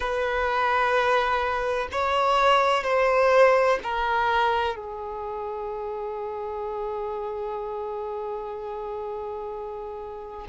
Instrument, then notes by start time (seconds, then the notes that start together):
violin
0.00 B4
1.91 C#5
2.83 C5
3.83 A#4
4.75 G#4